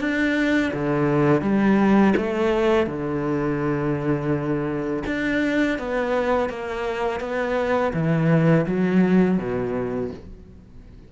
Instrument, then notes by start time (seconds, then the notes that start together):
cello
0.00 D4
0.73 D3
1.41 G3
2.17 A3
2.87 D3
5.06 D4
5.79 B3
6.50 A#3
7.20 B3
7.94 E3
8.66 F#3
9.38 B2